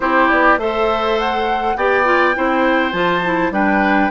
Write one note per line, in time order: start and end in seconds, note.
0.00 0.29 C4
0.00 0.59 E4
0.00 0.59 G4
0.00 0.29 C5
0.29 0.57 B3
0.29 0.59 D5
0.57 1.75 A3
0.57 1.76 A4
0.57 1.76 C5
0.57 1.19 E5
1.19 1.77 F#5
1.76 2.35 B3
1.76 2.04 G4
1.76 2.36 D5
1.76 2.92 G5
2.04 2.33 F4
2.35 2.92 C4
2.35 2.92 E4
2.35 3.53 C5
2.92 3.50 F3
2.92 3.21 F4
2.92 3.50 A5
3.24 3.52 E4
3.50 4.09 G3
3.50 4.10 D4
3.50 4.11 B4
3.50 4.11 G5